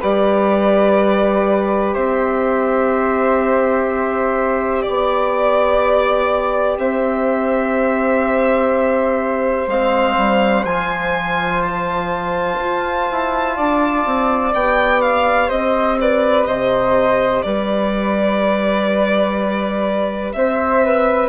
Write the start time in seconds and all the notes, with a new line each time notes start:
0.00 G3 G4 B4 D5
1.93 C4 C5 E5
4.82 B3 D5
6.77 C4 C5 E5
9.67 G#3 C4 F5
10.17 G3
10.65 F3 F4 G#5
11.62 A5
12.59 F4
13.11 E4
13.55 D4 D5
14.05 C4
14.53 B3 G4 G5
15.01 F5
15.48 C4 C5 D#5
16.00 B4 D5
16.46 C3 C5 D#5
17.42 G3 B4 D5
20.32 C4 C5 E5
20.85 B4